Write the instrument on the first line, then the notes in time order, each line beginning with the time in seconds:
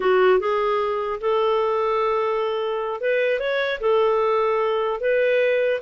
clarinet
0.00 F#4
0.39 G#4
1.20 A4
3.01 B4
3.39 C#5
3.80 A4
5.00 B4